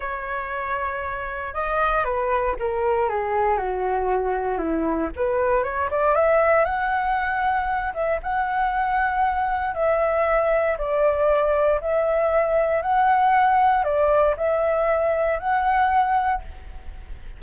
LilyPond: \new Staff \with { instrumentName = "flute" } { \time 4/4 \tempo 4 = 117 cis''2. dis''4 | b'4 ais'4 gis'4 fis'4~ | fis'4 e'4 b'4 cis''8 d''8 | e''4 fis''2~ fis''8 e''8 |
fis''2. e''4~ | e''4 d''2 e''4~ | e''4 fis''2 d''4 | e''2 fis''2 | }